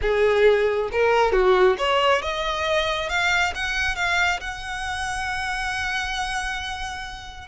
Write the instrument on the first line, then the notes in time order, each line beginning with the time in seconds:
violin
0.01 G#4
0.92 A#4
1.32 F#4
1.77 C#5
2.22 D#5
3.09 F5
3.54 F#5
3.95 F5
4.40 F#5